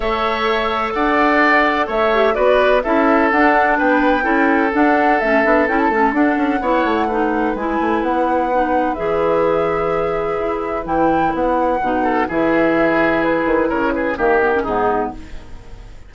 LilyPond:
<<
  \new Staff \with { instrumentName = "flute" } { \time 4/4 \tempo 4 = 127 e''2 fis''2 | e''4 d''4 e''4 fis''4 | g''2 fis''4 e''4 | g''16 a''8. fis''2. |
gis''4 fis''2 e''4~ | e''2. g''4 | fis''2 e''2 | b'4 cis''8 b'8 ais'4 gis'4 | }
  \new Staff \with { instrumentName = "oboe" } { \time 4/4 cis''2 d''2 | cis''4 b'4 a'2 | b'4 a'2.~ | a'2 cis''4 b'4~ |
b'1~ | b'1~ | b'4. a'8 gis'2~ | gis'4 ais'8 gis'8 g'4 dis'4 | }
  \new Staff \with { instrumentName = "clarinet" } { \time 4/4 a'1~ | a'8 g'8 fis'4 e'4 d'4~ | d'4 e'4 d'4 cis'8 d'8 | e'8 cis'8 d'4 e'4 dis'4 |
e'2 dis'4 gis'4~ | gis'2. e'4~ | e'4 dis'4 e'2~ | e'2 ais8 b16 cis'16 b4 | }
  \new Staff \with { instrumentName = "bassoon" } { \time 4/4 a2 d'2 | a4 b4 cis'4 d'4 | b4 cis'4 d'4 a8 b8 | cis'8 a8 d'8 cis'8 b8 a4. |
gis8 a8 b2 e4~ | e2 e'4 e4 | b4 b,4 e2~ | e8 dis8 cis4 dis4 gis,4 | }
>>